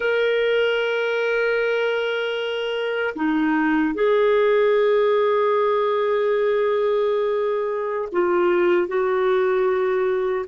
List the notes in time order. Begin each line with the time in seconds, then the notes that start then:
0.00 A#4
3.15 D#4
3.94 G#4
8.11 F4
8.87 F#4